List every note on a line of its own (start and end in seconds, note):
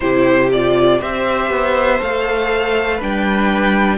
0.00 1.00 C3
0.00 0.51 E4
0.00 1.00 G4
0.00 0.49 C5
0.52 1.00 F4
0.52 1.01 D5
1.00 1.50 C4
1.00 1.99 G4
1.00 2.96 C5
1.00 2.01 E5
1.50 2.00 B3
1.99 3.01 A3
1.99 2.99 A4
1.99 3.01 F5
2.96 3.98 G3
2.96 3.98 D4
2.96 3.96 B4
3.02 3.98 G5